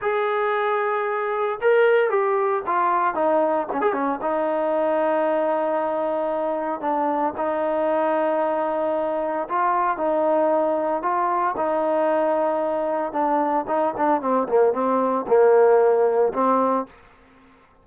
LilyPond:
\new Staff \with { instrumentName = "trombone" } { \time 4/4 \tempo 4 = 114 gis'2. ais'4 | g'4 f'4 dis'4 cis'16 gis'16 cis'8 | dis'1~ | dis'4 d'4 dis'2~ |
dis'2 f'4 dis'4~ | dis'4 f'4 dis'2~ | dis'4 d'4 dis'8 d'8 c'8 ais8 | c'4 ais2 c'4 | }